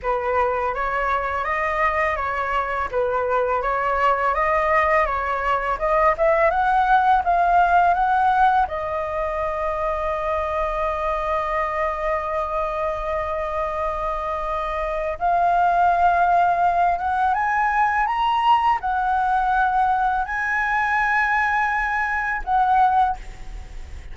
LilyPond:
\new Staff \with { instrumentName = "flute" } { \time 4/4 \tempo 4 = 83 b'4 cis''4 dis''4 cis''4 | b'4 cis''4 dis''4 cis''4 | dis''8 e''8 fis''4 f''4 fis''4 | dis''1~ |
dis''1~ | dis''4 f''2~ f''8 fis''8 | gis''4 ais''4 fis''2 | gis''2. fis''4 | }